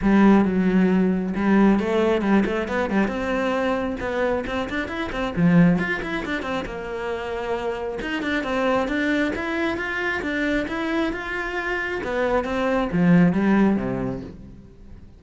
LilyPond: \new Staff \with { instrumentName = "cello" } { \time 4/4 \tempo 4 = 135 g4 fis2 g4 | a4 g8 a8 b8 g8 c'4~ | c'4 b4 c'8 d'8 e'8 c'8 | f4 f'8 e'8 d'8 c'8 ais4~ |
ais2 dis'8 d'8 c'4 | d'4 e'4 f'4 d'4 | e'4 f'2 b4 | c'4 f4 g4 c4 | }